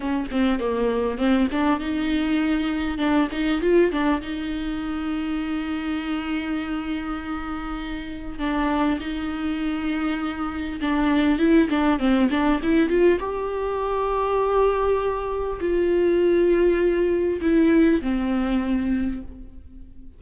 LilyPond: \new Staff \with { instrumentName = "viola" } { \time 4/4 \tempo 4 = 100 cis'8 c'8 ais4 c'8 d'8 dis'4~ | dis'4 d'8 dis'8 f'8 d'8 dis'4~ | dis'1~ | dis'2 d'4 dis'4~ |
dis'2 d'4 e'8 d'8 | c'8 d'8 e'8 f'8 g'2~ | g'2 f'2~ | f'4 e'4 c'2 | }